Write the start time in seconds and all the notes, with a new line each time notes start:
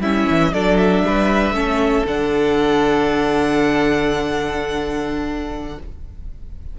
0.00 G3 C#4 E4 E5
0.30 E3
0.53 F#3 D4 A4 D5
0.78 E5
1.05 G3 B4
1.51 A3 C#4 A4
2.07 D3 D4 F#5